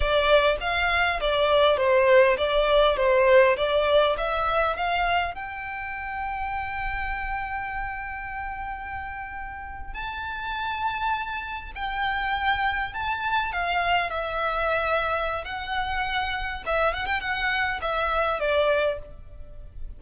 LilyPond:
\new Staff \with { instrumentName = "violin" } { \time 4/4 \tempo 4 = 101 d''4 f''4 d''4 c''4 | d''4 c''4 d''4 e''4 | f''4 g''2.~ | g''1~ |
g''8. a''2. g''16~ | g''4.~ g''16 a''4 f''4 e''16~ | e''2 fis''2 | e''8 fis''16 g''16 fis''4 e''4 d''4 | }